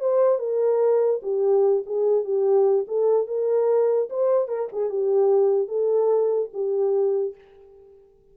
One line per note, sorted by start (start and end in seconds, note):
0.00 0.39 C5
0.39 1.20 A#4
1.22 1.83 G4
1.86 2.24 G#4
2.24 2.86 G4
2.88 3.27 A4
3.27 4.09 A#4
4.10 4.48 C5
4.48 4.68 A#4
4.72 4.90 G#4
4.90 5.68 G4
5.68 6.50 A4
6.53 7.35 G4